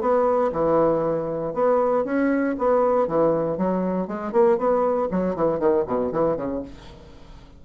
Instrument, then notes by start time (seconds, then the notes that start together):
bassoon
0.00 B3
0.52 E3
1.53 B3
2.05 C#4
2.58 B3
3.07 E3
3.57 F#3
4.07 G#3
4.32 A#3
4.57 B3
5.11 F#3
5.35 E3
5.59 D#3
5.86 B2
6.11 E3
6.37 C#3